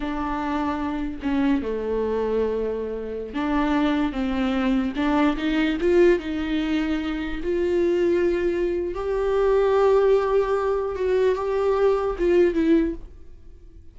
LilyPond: \new Staff \with { instrumentName = "viola" } { \time 4/4 \tempo 4 = 148 d'2. cis'4 | a1~ | a16 d'2 c'4.~ c'16~ | c'16 d'4 dis'4 f'4 dis'8.~ |
dis'2~ dis'16 f'4.~ f'16~ | f'2 g'2~ | g'2. fis'4 | g'2 f'4 e'4 | }